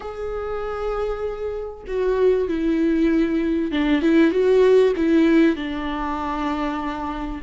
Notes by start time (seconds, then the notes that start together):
0.00 G#4
1.87 F#4
2.48 E4
3.71 D4
4.02 E4
4.31 F#4
4.96 E4
5.55 D4